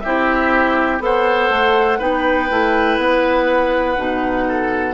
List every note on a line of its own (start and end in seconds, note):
0.00 1.00 C4
0.00 1.00 E4
0.00 1.02 G4
0.00 0.98 E5
1.00 1.49 B3
1.00 1.98 A4
1.00 1.99 C5
1.00 2.01 F#5
1.50 1.99 A3
1.99 2.50 B3
1.99 2.49 D#4
1.99 4.44 B4
1.99 2.99 G5
2.50 2.98 A3
2.50 3.97 E4
2.98 3.96 B3
2.98 4.94 F#5
3.97 4.94 B2
3.97 4.94 D#4
4.48 4.94 A4